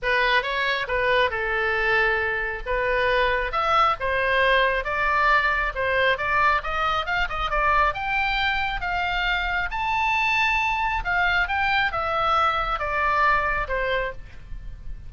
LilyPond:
\new Staff \with { instrumentName = "oboe" } { \time 4/4 \tempo 4 = 136 b'4 cis''4 b'4 a'4~ | a'2 b'2 | e''4 c''2 d''4~ | d''4 c''4 d''4 dis''4 |
f''8 dis''8 d''4 g''2 | f''2 a''2~ | a''4 f''4 g''4 e''4~ | e''4 d''2 c''4 | }